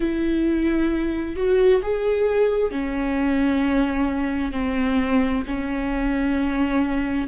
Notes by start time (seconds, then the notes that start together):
0.00 E4
1.36 F#4
1.82 G#4
2.71 C#4
4.52 C4
5.46 C#4